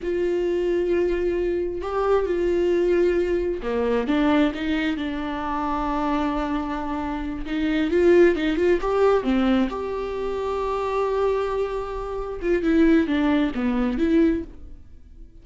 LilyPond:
\new Staff \with { instrumentName = "viola" } { \time 4/4 \tempo 4 = 133 f'1 | g'4 f'2. | ais4 d'4 dis'4 d'4~ | d'1~ |
d'8 dis'4 f'4 dis'8 f'8 g'8~ | g'8 c'4 g'2~ g'8~ | g'2.~ g'8 f'8 | e'4 d'4 b4 e'4 | }